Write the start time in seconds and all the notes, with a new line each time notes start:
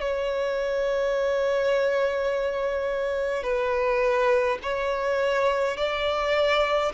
0.00 C#5
3.42 B4
4.62 C#5
5.77 D5